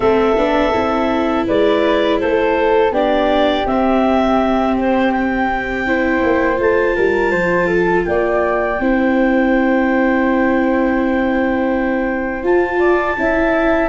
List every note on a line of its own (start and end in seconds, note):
0.00 0.36 A3
0.00 0.35 C4
0.00 1.45 A4
0.00 1.46 E5
0.37 0.74 B3
0.37 0.72 D4
0.72 1.48 C4
0.72 2.91 E4
1.46 2.21 G#3
1.46 2.19 B4
1.46 2.19 D5
2.19 2.91 A3
2.19 2.93 A4
2.19 2.92 C5
2.91 3.64 B3
2.91 3.66 D4
2.91 5.86 G4
2.91 3.66 D5
3.66 6.22 C4
3.66 5.87 C4
3.66 4.76 E5
4.77 5.12 C5
5.12 6.58 G5
5.87 6.56 E4
5.87 6.95 C5
6.23 6.59 A#3
6.56 6.95 A3
6.56 8.75 F4
6.56 8.05 A5
6.95 7.32 G3
6.95 7.31 A#4
7.31 8.05 F3
7.31 7.67 C5
7.67 8.04 A4
8.05 8.79 A#3
8.05 8.80 D5
8.05 12.44 G5
8.79 12.43 C4
8.79 12.43 E4
8.79 12.79 C5
12.43 13.16 F4
12.43 13.89 A5
12.79 13.15 D5
13.17 13.89 C#4
13.17 13.89 E4
13.17 13.89 E5